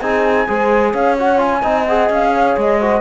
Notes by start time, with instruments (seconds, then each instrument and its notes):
0.00 cello C4, trombone D#4, horn G#4, flute G#5
0.47 cello G#3, trombone G#4, horn C5
0.91 cello C#4, horn C#5, flute F5
1.18 trombone F#4, flute F#5
1.38 trombone F4, flute G#5
1.62 cello C4, trombone D#4, horn D#5
1.86 trombone G#4, flute F#5
2.09 cello C#4, flute F5
2.34 horn C#5
2.57 cello G#3, flute D#5
2.80 trombone F#4, horn C5